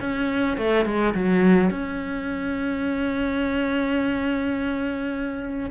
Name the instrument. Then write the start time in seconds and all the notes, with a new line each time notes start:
cello
0.00 C#4
0.57 A3
0.85 G#3
1.14 F#3
1.70 C#4